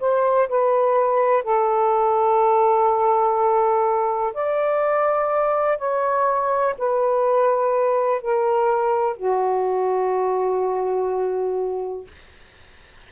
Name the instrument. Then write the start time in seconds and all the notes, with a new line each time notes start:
saxophone
0.00 C5
0.49 B4
1.43 A4
4.34 D5
5.78 C#5
6.78 B4
8.22 A#4
9.17 F#4